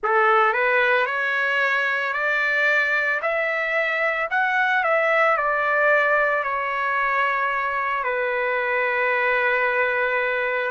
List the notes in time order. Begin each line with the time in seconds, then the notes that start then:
0.03 A4
0.53 B4
1.06 C#5
2.13 D5
3.21 E5
4.30 F#5
4.83 E5
5.37 D5
6.43 C#5
8.04 B4